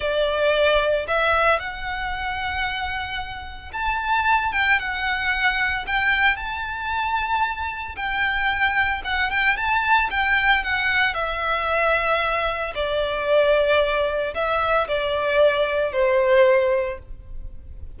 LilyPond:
\new Staff \with { instrumentName = "violin" } { \time 4/4 \tempo 4 = 113 d''2 e''4 fis''4~ | fis''2. a''4~ | a''8 g''8 fis''2 g''4 | a''2. g''4~ |
g''4 fis''8 g''8 a''4 g''4 | fis''4 e''2. | d''2. e''4 | d''2 c''2 | }